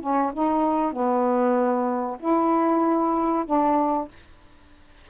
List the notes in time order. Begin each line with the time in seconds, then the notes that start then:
0.00 C#4
0.33 D#4
0.92 B3
2.19 E4
3.45 D4